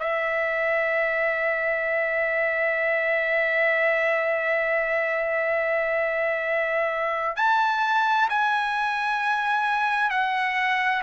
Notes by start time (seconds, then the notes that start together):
0.00 E5
7.37 A5
8.30 G#5
10.10 F#5